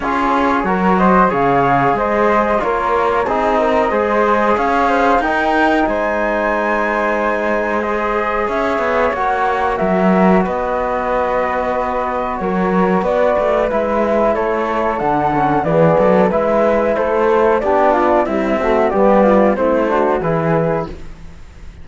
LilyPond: <<
  \new Staff \with { instrumentName = "flute" } { \time 4/4 \tempo 4 = 92 cis''4. dis''8 f''4 dis''4 | cis''4 dis''2 f''4 | g''4 gis''2. | dis''4 e''4 fis''4 e''4 |
dis''2. cis''4 | d''4 e''4 cis''4 fis''4 | d''4 e''4 c''4 d''4 | e''4 d''4 c''4 b'4 | }
  \new Staff \with { instrumentName = "flute" } { \time 4/4 gis'4 ais'8 c''8 cis''4 c''4 | ais'4 gis'8 ais'8 c''4 cis''8 c''8 | ais'4 c''2.~ | c''4 cis''2 ais'4 |
b'2. ais'4 | b'2 a'2 | gis'8 a'8 b'4 a'4 g'8 f'8 | e'8 fis'8 g'8 f'8 e'8 fis'8 gis'4 | }
  \new Staff \with { instrumentName = "trombone" } { \time 4/4 f'4 fis'4 gis'2 | f'4 dis'4 gis'2 | dis'1 | gis'2 fis'2~ |
fis'1~ | fis'4 e'2 d'8 cis'8 | b4 e'2 d'4 | g8 a8 b4 c'8 d'8 e'4 | }
  \new Staff \with { instrumentName = "cello" } { \time 4/4 cis'4 fis4 cis4 gis4 | ais4 c'4 gis4 cis'4 | dis'4 gis2.~ | gis4 cis'8 b8 ais4 fis4 |
b2. fis4 | b8 a8 gis4 a4 d4 | e8 fis8 gis4 a4 b4 | c'4 g4 a4 e4 | }
>>